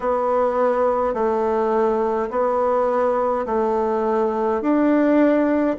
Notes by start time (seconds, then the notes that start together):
0.00 B3
1.14 A3
2.30 B3
3.46 A3
4.61 D4